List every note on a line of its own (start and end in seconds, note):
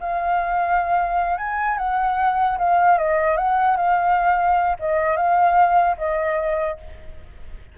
0.00 1.38 F5
1.38 1.78 G#5
1.78 2.58 F#5
2.58 2.97 F5
2.97 3.37 D#5
3.37 3.76 F#5
3.76 4.76 F5
4.79 5.16 D#5
5.16 5.96 F5
5.97 6.77 D#5